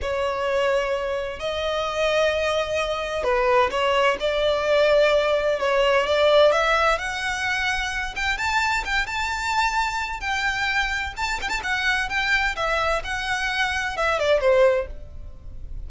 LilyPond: \new Staff \with { instrumentName = "violin" } { \time 4/4 \tempo 4 = 129 cis''2. dis''4~ | dis''2. b'4 | cis''4 d''2. | cis''4 d''4 e''4 fis''4~ |
fis''4. g''8 a''4 g''8 a''8~ | a''2 g''2 | a''8 g''16 a''16 fis''4 g''4 e''4 | fis''2 e''8 d''8 c''4 | }